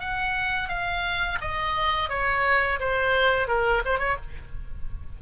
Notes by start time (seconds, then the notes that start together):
0.00 F#5
0.68 F5
1.40 D#5
2.09 C#5
2.79 C5
3.48 A#4
3.85 C5
3.99 C#5